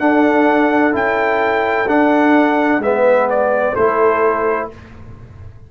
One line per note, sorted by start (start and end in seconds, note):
0.00 0.92 D4
0.00 0.94 D4
0.00 2.82 A4
0.00 0.94 F#5
0.92 1.87 C#4
0.92 1.86 E4
0.92 1.89 G5
1.87 2.79 D4
1.87 2.82 D4
1.87 2.83 F#5
2.79 3.73 G#3
2.79 3.77 B3
2.79 3.73 B4
2.79 3.30 E5
3.30 3.76 D5
3.73 4.71 A3
3.73 4.71 E4
3.73 4.67 A4
3.73 4.69 C5